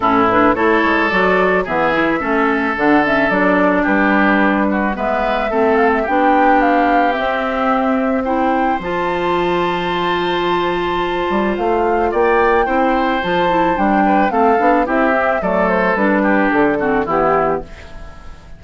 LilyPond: <<
  \new Staff \with { instrumentName = "flute" } { \time 4/4 \tempo 4 = 109 a'8 b'8 cis''4 d''4 e''4~ | e''4 fis''8 e''8 d''4 b'4~ | b'4 e''4. f''16 e''16 g''4 | f''4 e''2 g''4 |
a''1~ | a''4 f''4 g''2 | a''4 g''4 f''4 e''4 | d''8 c''8 b'4 a'4 g'4 | }
  \new Staff \with { instrumentName = "oboe" } { \time 4/4 e'4 a'2 gis'4 | a'2. g'4~ | g'8 fis'8 b'4 a'4 g'4~ | g'2. c''4~ |
c''1~ | c''2 d''4 c''4~ | c''4. b'8 a'4 g'4 | a'4. g'4 fis'8 e'4 | }
  \new Staff \with { instrumentName = "clarinet" } { \time 4/4 cis'8 d'8 e'4 fis'4 b8 e'8 | cis'4 d'8 cis'8 d'2~ | d'4 b4 c'4 d'4~ | d'4 c'2 e'4 |
f'1~ | f'2. e'4 | f'8 e'8 d'4 c'8 d'8 e'8 c'8 | a4 d'4. c'8 b4 | }
  \new Staff \with { instrumentName = "bassoon" } { \time 4/4 a,4 a8 gis8 fis4 e4 | a4 d4 fis4 g4~ | g4 gis4 a4 b4~ | b4 c'2. |
f1~ | f8 g8 a4 ais4 c'4 | f4 g4 a8 b8 c'4 | fis4 g4 d4 e4 | }
>>